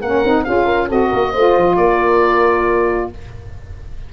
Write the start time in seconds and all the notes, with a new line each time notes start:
0.00 A#3 C#4 A#4 F#5
0.24 C4 D#4
0.44 C#4 F4 G#4 F5
0.65 A#4
0.88 C4 F#4 A4 D#5
1.08 A#3 A#4
1.32 A3 F4 C5
1.56 F3
1.76 A#3 A#4 D5